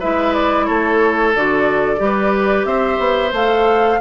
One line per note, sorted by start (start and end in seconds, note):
0.00 0.69 G#3
0.00 1.35 E4
0.00 0.66 B4
0.00 0.34 E5
0.34 0.66 D5
0.66 1.36 A3
0.66 2.00 A4
0.66 1.32 C#5
1.36 2.00 D3
1.36 1.97 F#4
1.36 2.66 D5
1.97 2.65 G3
1.97 3.30 G4
2.05 2.67 B4
2.65 2.98 C4
2.65 4.00 C5
2.65 3.32 E5
2.99 3.32 B3
3.33 4.00 A3
3.33 4.01 A4
3.33 4.01 F5